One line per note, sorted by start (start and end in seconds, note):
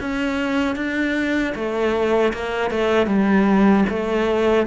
0.00 0.76 C#4
0.76 1.54 D4
1.55 2.33 A3
2.33 2.70 A#3
2.70 3.06 A3
3.06 3.84 G3
3.89 4.66 A3